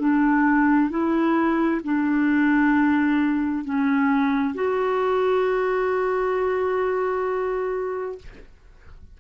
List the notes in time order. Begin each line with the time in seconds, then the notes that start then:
0.00 D4
0.90 E4
1.84 D4
3.64 C#4
4.55 F#4